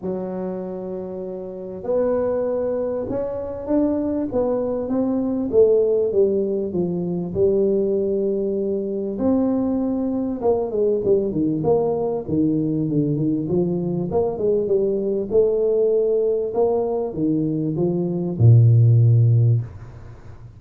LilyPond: \new Staff \with { instrumentName = "tuba" } { \time 4/4 \tempo 4 = 98 fis2. b4~ | b4 cis'4 d'4 b4 | c'4 a4 g4 f4 | g2. c'4~ |
c'4 ais8 gis8 g8 dis8 ais4 | dis4 d8 dis8 f4 ais8 gis8 | g4 a2 ais4 | dis4 f4 ais,2 | }